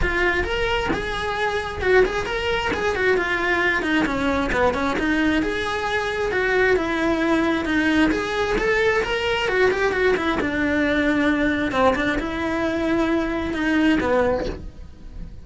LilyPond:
\new Staff \with { instrumentName = "cello" } { \time 4/4 \tempo 4 = 133 f'4 ais'4 gis'2 | fis'8 gis'8 ais'4 gis'8 fis'8 f'4~ | f'8 dis'8 cis'4 b8 cis'8 dis'4 | gis'2 fis'4 e'4~ |
e'4 dis'4 gis'4 a'4 | ais'4 fis'8 g'8 fis'8 e'8 d'4~ | d'2 c'8 d'8 e'4~ | e'2 dis'4 b4 | }